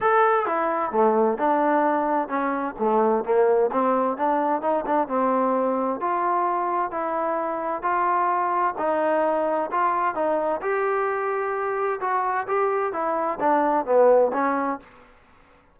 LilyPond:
\new Staff \with { instrumentName = "trombone" } { \time 4/4 \tempo 4 = 130 a'4 e'4 a4 d'4~ | d'4 cis'4 a4 ais4 | c'4 d'4 dis'8 d'8 c'4~ | c'4 f'2 e'4~ |
e'4 f'2 dis'4~ | dis'4 f'4 dis'4 g'4~ | g'2 fis'4 g'4 | e'4 d'4 b4 cis'4 | }